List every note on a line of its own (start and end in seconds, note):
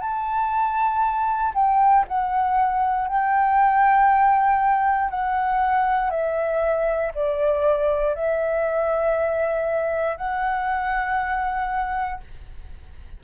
0.00 1.53 A5
1.54 2.05 G5
2.07 3.07 F#5
3.07 5.10 G5
5.10 6.10 F#5
6.10 7.11 E5
7.14 8.14 D5
8.14 10.17 E5
10.17 12.20 F#5